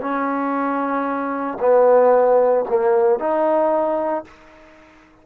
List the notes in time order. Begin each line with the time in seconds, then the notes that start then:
0.00 C#4
1.59 B3
2.68 A#3
3.19 D#4